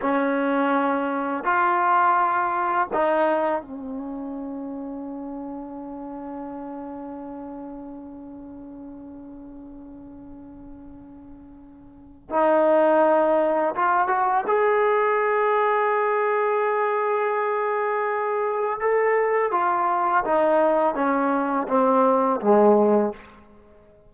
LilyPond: \new Staff \with { instrumentName = "trombone" } { \time 4/4 \tempo 4 = 83 cis'2 f'2 | dis'4 cis'2.~ | cis'1~ | cis'1~ |
cis'4 dis'2 f'8 fis'8 | gis'1~ | gis'2 a'4 f'4 | dis'4 cis'4 c'4 gis4 | }